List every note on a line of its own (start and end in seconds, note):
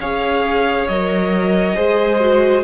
0.00 0.88 C#4
0.00 0.90 G#4
0.00 1.75 C#5
0.00 0.87 F5
0.87 1.76 F#3
0.87 1.75 A#4
0.87 2.64 D#5
1.75 2.64 G#3
1.75 2.19 G#4
1.75 2.64 C5
2.19 2.64 F#4